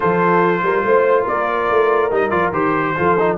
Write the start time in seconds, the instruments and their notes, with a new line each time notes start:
0.00 tuba F3, trombone F4, horn A4, trumpet C5
0.62 tuba G3, horn A#4
0.84 tuba A3, horn C5
1.22 tuba A#3, horn A#4, trumpet D5
1.70 tuba A3
2.10 tuba G3, trombone D#4, trumpet D#5
2.30 tuba F3, trombone F4, trumpet D5
2.51 tuba D#3, trombone G4, trumpet C5
2.96 tuba F3, trombone F4, horn A4
3.19 trombone D#4